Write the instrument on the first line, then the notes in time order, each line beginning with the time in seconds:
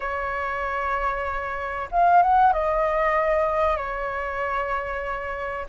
flute
0.00 C#5
1.91 F5
2.22 F#5
2.53 D#5
3.77 C#5